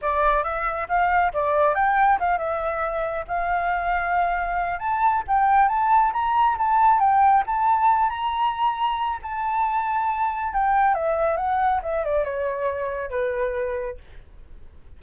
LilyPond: \new Staff \with { instrumentName = "flute" } { \time 4/4 \tempo 4 = 137 d''4 e''4 f''4 d''4 | g''4 f''8 e''2 f''8~ | f''2. a''4 | g''4 a''4 ais''4 a''4 |
g''4 a''4. ais''4.~ | ais''4 a''2. | g''4 e''4 fis''4 e''8 d''8 | cis''2 b'2 | }